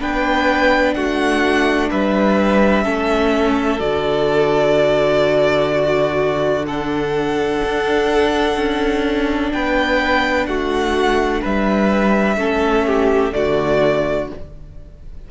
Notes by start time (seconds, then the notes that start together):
0.00 B3 D4 B4 G5
0.94 A3 F#4 F#5
1.90 G3 B4 E5
2.84 A3 C#4 A4
3.80 D3 F#4 D5
5.73 F#4
6.67 D4 A4 F#5
7.64 D4
8.56 C#4
9.52 B3 B4 G5
10.46 A3 F#4 F#5
11.41 G3 B4 E5
12.37 A3 C#4 A4
12.87 G4
13.31 D3 A3 F#4 D5